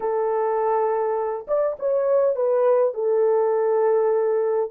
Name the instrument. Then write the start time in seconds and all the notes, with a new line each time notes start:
horn
0.00 A4
1.47 D5
1.79 C#5
2.35 B4
2.94 A4